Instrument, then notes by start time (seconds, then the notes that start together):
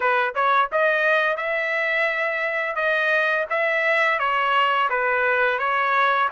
trumpet
0.00 B4
0.34 C#5
0.72 D#5
1.36 E5
2.75 D#5
3.50 E5
4.19 C#5
4.89 B4
5.58 C#5